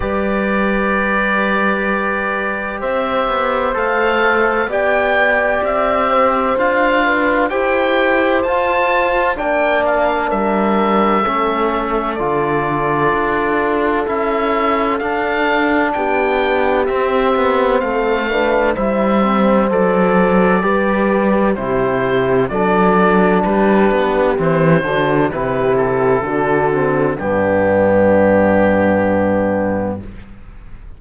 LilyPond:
<<
  \new Staff \with { instrumentName = "oboe" } { \time 4/4 \tempo 4 = 64 d''2. e''4 | f''4 g''4 e''4 f''4 | g''4 a''4 g''8 f''8 e''4~ | e''4 d''2 e''4 |
f''4 g''4 e''4 f''4 | e''4 d''2 c''4 | d''4 b'4 c''4 b'8 a'8~ | a'4 g'2. | }
  \new Staff \with { instrumentName = "horn" } { \time 4/4 b'2. c''4~ | c''4 d''4. c''4 b'8 | c''2 d''4 ais'4 | a'1~ |
a'4 g'2 a'8 b'8 | c''2 b'4 g'4 | a'4 g'4. fis'8 g'4 | fis'4 d'2. | }
  \new Staff \with { instrumentName = "trombone" } { \time 4/4 g'1 | a'4 g'2 f'4 | g'4 f'4 d'2 | cis'4 f'2 e'4 |
d'2 c'4. d'8 | e'8 c'8 a'4 g'4 e'4 | d'2 c'8 d'8 e'4 | d'8 c'8 b2. | }
  \new Staff \with { instrumentName = "cello" } { \time 4/4 g2. c'8 b8 | a4 b4 c'4 d'4 | e'4 f'4 ais4 g4 | a4 d4 d'4 cis'4 |
d'4 b4 c'8 b8 a4 | g4 fis4 g4 c4 | fis4 g8 b8 e8 d8 c4 | d4 g,2. | }
>>